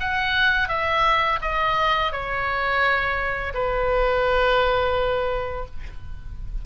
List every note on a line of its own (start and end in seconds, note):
0.00 0.68 F#5
0.68 1.39 E5
1.41 2.12 D#5
2.12 3.53 C#5
3.54 5.65 B4